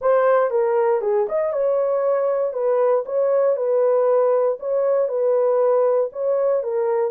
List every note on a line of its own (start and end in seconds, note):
0.01 0.50 C5
0.50 1.01 A#4
1.01 1.26 G#4
1.29 1.53 D#5
1.53 2.53 C#5
2.53 3.04 B4
3.05 3.56 C#5
3.56 4.58 B4
4.59 5.08 C#5
5.08 6.10 B4
6.12 6.63 C#5
6.63 7.10 A#4